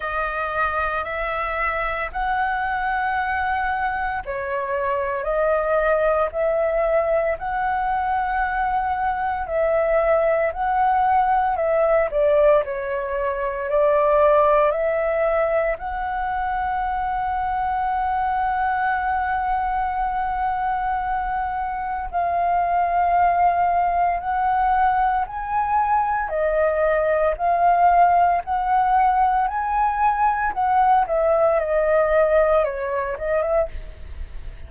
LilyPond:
\new Staff \with { instrumentName = "flute" } { \time 4/4 \tempo 4 = 57 dis''4 e''4 fis''2 | cis''4 dis''4 e''4 fis''4~ | fis''4 e''4 fis''4 e''8 d''8 | cis''4 d''4 e''4 fis''4~ |
fis''1~ | fis''4 f''2 fis''4 | gis''4 dis''4 f''4 fis''4 | gis''4 fis''8 e''8 dis''4 cis''8 dis''16 e''16 | }